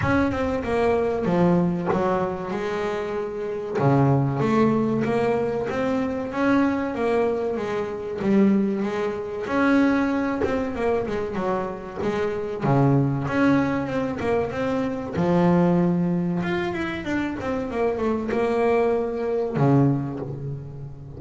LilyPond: \new Staff \with { instrumentName = "double bass" } { \time 4/4 \tempo 4 = 95 cis'8 c'8 ais4 f4 fis4 | gis2 cis4 a4 | ais4 c'4 cis'4 ais4 | gis4 g4 gis4 cis'4~ |
cis'8 c'8 ais8 gis8 fis4 gis4 | cis4 cis'4 c'8 ais8 c'4 | f2 f'8 e'8 d'8 c'8 | ais8 a8 ais2 cis4 | }